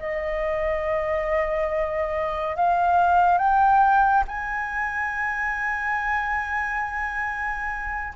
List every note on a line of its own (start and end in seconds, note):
0.00 2.57 D#5
2.57 3.39 F5
3.39 4.24 G5
4.28 8.14 G#5